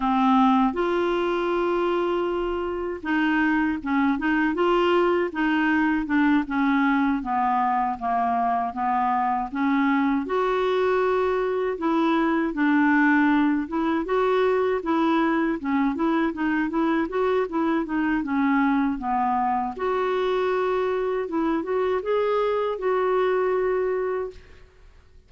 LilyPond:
\new Staff \with { instrumentName = "clarinet" } { \time 4/4 \tempo 4 = 79 c'4 f'2. | dis'4 cis'8 dis'8 f'4 dis'4 | d'8 cis'4 b4 ais4 b8~ | b8 cis'4 fis'2 e'8~ |
e'8 d'4. e'8 fis'4 e'8~ | e'8 cis'8 e'8 dis'8 e'8 fis'8 e'8 dis'8 | cis'4 b4 fis'2 | e'8 fis'8 gis'4 fis'2 | }